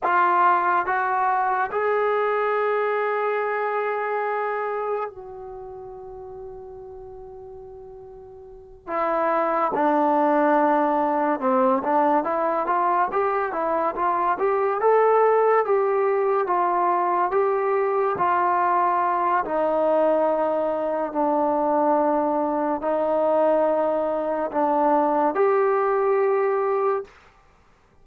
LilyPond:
\new Staff \with { instrumentName = "trombone" } { \time 4/4 \tempo 4 = 71 f'4 fis'4 gis'2~ | gis'2 fis'2~ | fis'2~ fis'8 e'4 d'8~ | d'4. c'8 d'8 e'8 f'8 g'8 |
e'8 f'8 g'8 a'4 g'4 f'8~ | f'8 g'4 f'4. dis'4~ | dis'4 d'2 dis'4~ | dis'4 d'4 g'2 | }